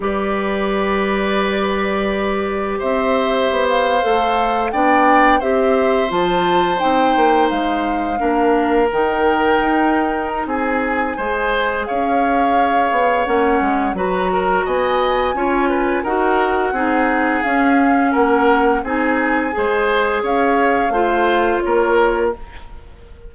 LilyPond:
<<
  \new Staff \with { instrumentName = "flute" } { \time 4/4 \tempo 4 = 86 d''1 | e''4~ e''16 f''4. g''4 e''16~ | e''8. a''4 g''4 f''4~ f''16~ | f''8. g''2 ais''16 gis''4~ |
gis''4 f''2 fis''4 | ais''4 gis''2 fis''4~ | fis''4 f''4 fis''4 gis''4~ | gis''4 f''2 cis''4 | }
  \new Staff \with { instrumentName = "oboe" } { \time 4/4 b'1 | c''2~ c''8. d''4 c''16~ | c''2.~ c''8. ais'16~ | ais'2. gis'4 |
c''4 cis''2. | b'8 ais'8 dis''4 cis''8 b'8 ais'4 | gis'2 ais'4 gis'4 | c''4 cis''4 c''4 ais'4 | }
  \new Staff \with { instrumentName = "clarinet" } { \time 4/4 g'1~ | g'4.~ g'16 a'4 d'4 g'16~ | g'8. f'4 dis'2 d'16~ | d'8. dis'2.~ dis'16 |
gis'2. cis'4 | fis'2 f'4 fis'4 | dis'4 cis'2 dis'4 | gis'2 f'2 | }
  \new Staff \with { instrumentName = "bassoon" } { \time 4/4 g1 | c'4 b8. a4 b4 c'16~ | c'8. f4 c'8 ais8 gis4 ais16~ | ais8. dis4 dis'4~ dis'16 c'4 |
gis4 cis'4. b8 ais8 gis8 | fis4 b4 cis'4 dis'4 | c'4 cis'4 ais4 c'4 | gis4 cis'4 a4 ais4 | }
>>